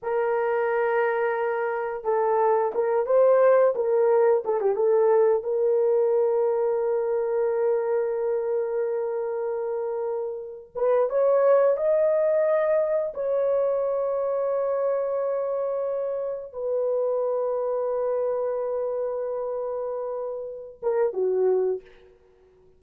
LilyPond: \new Staff \with { instrumentName = "horn" } { \time 4/4 \tempo 4 = 88 ais'2. a'4 | ais'8 c''4 ais'4 a'16 g'16 a'4 | ais'1~ | ais'2.~ ais'8. b'16~ |
b'16 cis''4 dis''2 cis''8.~ | cis''1~ | cis''16 b'2.~ b'8.~ | b'2~ b'8 ais'8 fis'4 | }